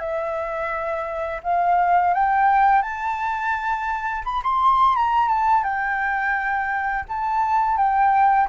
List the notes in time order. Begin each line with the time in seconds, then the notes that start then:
0.00 E5
1.44 F5
2.14 G5
2.83 A5
4.25 B5
4.44 C6
4.96 A#5
5.29 A5
5.64 G5
7.09 A5
7.78 G5